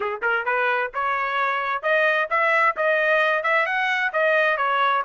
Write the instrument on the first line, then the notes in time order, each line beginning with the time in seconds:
trumpet
0.00 G#4
0.22 A#4
0.45 B4
0.94 C#5
1.82 D#5
2.29 E5
2.76 D#5
3.43 E5
3.66 F#5
4.12 D#5
4.57 C#5